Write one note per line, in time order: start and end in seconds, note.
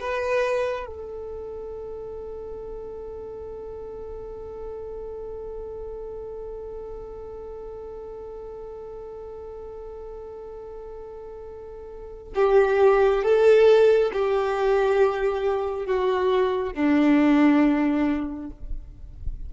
0.00 0.86 B4
0.86 12.33 A4
12.35 13.23 G4
13.23 14.11 A4
14.13 15.86 G4
15.86 16.73 F#4
16.73 18.50 D4